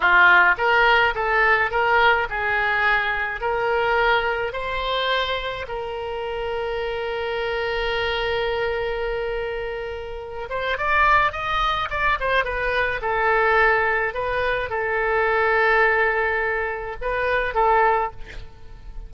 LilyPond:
\new Staff \with { instrumentName = "oboe" } { \time 4/4 \tempo 4 = 106 f'4 ais'4 a'4 ais'4 | gis'2 ais'2 | c''2 ais'2~ | ais'1~ |
ais'2~ ais'8 c''8 d''4 | dis''4 d''8 c''8 b'4 a'4~ | a'4 b'4 a'2~ | a'2 b'4 a'4 | }